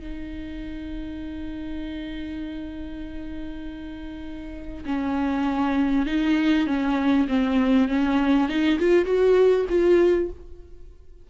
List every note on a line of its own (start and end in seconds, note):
0.00 4.85 D#4
4.86 6.07 C#4
6.07 6.67 D#4
6.67 7.28 C#4
7.29 7.89 C4
7.89 8.49 C#4
8.49 8.79 D#4
8.80 9.06 F4
9.06 9.66 F#4
9.70 10.30 F4